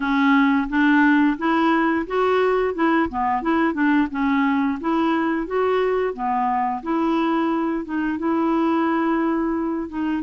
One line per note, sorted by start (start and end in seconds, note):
0.00 0.68 C#4
0.69 1.37 D4
1.38 2.06 E4
2.06 2.74 F#4
2.74 3.08 E4
3.09 3.42 B3
3.42 3.73 E4
3.73 4.07 D4
4.10 4.79 C#4
4.80 5.46 E4
5.46 6.13 F#4
6.13 6.82 B3
6.82 7.84 E4
7.84 8.18 D#4
8.18 9.88 E4
9.88 10.22 D#4